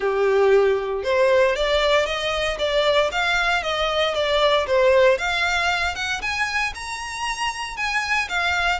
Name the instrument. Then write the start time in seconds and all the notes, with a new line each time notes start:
violin
0.00 G4
1.03 C5
1.55 D5
2.05 D#5
2.58 D5
3.11 F5
3.62 D#5
4.14 D5
4.67 C5
5.18 F5
5.95 F#5
6.21 G#5
6.75 A#5
7.76 G#5
8.28 F5